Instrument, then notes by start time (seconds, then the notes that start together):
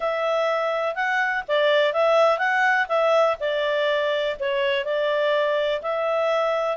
clarinet
0.00 E5
0.95 F#5
1.48 D5
1.93 E5
2.38 F#5
2.88 E5
3.40 D5
4.39 C#5
4.84 D5
5.82 E5